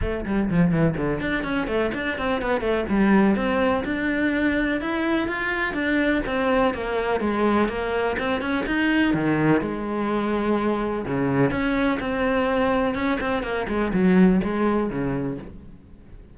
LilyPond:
\new Staff \with { instrumentName = "cello" } { \time 4/4 \tempo 4 = 125 a8 g8 f8 e8 d8 d'8 cis'8 a8 | d'8 c'8 b8 a8 g4 c'4 | d'2 e'4 f'4 | d'4 c'4 ais4 gis4 |
ais4 c'8 cis'8 dis'4 dis4 | gis2. cis4 | cis'4 c'2 cis'8 c'8 | ais8 gis8 fis4 gis4 cis4 | }